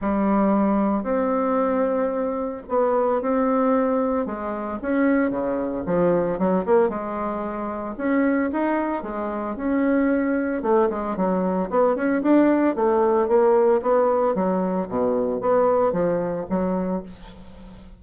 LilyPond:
\new Staff \with { instrumentName = "bassoon" } { \time 4/4 \tempo 4 = 113 g2 c'2~ | c'4 b4 c'2 | gis4 cis'4 cis4 f4 | fis8 ais8 gis2 cis'4 |
dis'4 gis4 cis'2 | a8 gis8 fis4 b8 cis'8 d'4 | a4 ais4 b4 fis4 | b,4 b4 f4 fis4 | }